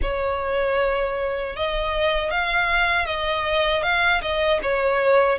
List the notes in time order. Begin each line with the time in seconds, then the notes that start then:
0.02 C#5
1.56 D#5
2.30 F5
3.05 D#5
3.82 F5
4.21 D#5
4.62 C#5